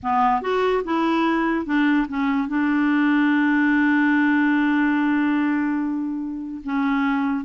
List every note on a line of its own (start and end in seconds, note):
0.02 0.41 B3
0.41 0.83 F#4
0.84 1.65 E4
1.65 2.07 D4
2.08 2.47 C#4
2.47 6.61 D4
6.64 7.44 C#4